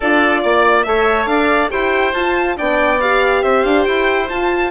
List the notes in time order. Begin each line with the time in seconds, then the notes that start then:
0.00 D4 F4 A4 D5
0.42 A#3 D5
0.82 A3 A4 C#5 E5
1.26 D4 D5 F5
1.69 E4 G4 C5 G5
2.13 F4 A5
2.57 B3 D4 D5 G5
3.00 G4 F5
3.42 C4 C5 E5
3.64 D4 F5
3.84 E4 G5
4.28 F4 A5